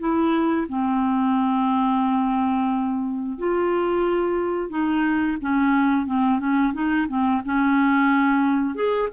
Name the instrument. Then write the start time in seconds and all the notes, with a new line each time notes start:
clarinet
0.00 E4
0.69 C4
3.39 F4
4.70 D#4
5.42 C#4
6.06 C4
6.40 C#4
6.74 D#4
7.08 C4
7.45 C#4
8.75 G#4